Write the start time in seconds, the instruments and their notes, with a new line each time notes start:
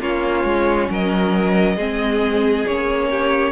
0.00 cello A#3, viola C#4, violin F4 C#5
0.44 cello G#3
0.90 cello F#3, violin A#4 D#5
1.76 cello G#3, viola C4, violin G#4
2.67 cello A#3, viola C#4, violin C#5
3.11 violin G4